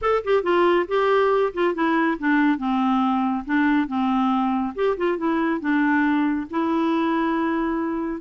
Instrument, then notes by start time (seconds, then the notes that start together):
clarinet
0.01 A4
0.24 G4
0.43 F4
0.88 G4
1.53 F4
1.74 E4
2.18 D4
2.58 C4
3.45 D4
3.87 C4
4.75 G4
4.97 F4
5.17 E4
5.60 D4
6.50 E4